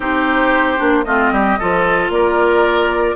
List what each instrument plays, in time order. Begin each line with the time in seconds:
0.00 bassoon C4, clarinet D#4, oboe G4, flute C5
0.77 bassoon A#3, clarinet D4
1.04 bassoon A3, clarinet C4, oboe F4, flute D#5
1.31 bassoon G3, oboe G4
1.58 bassoon F3, clarinet F4, oboe A4
2.09 bassoon A#3, oboe A#4, flute D5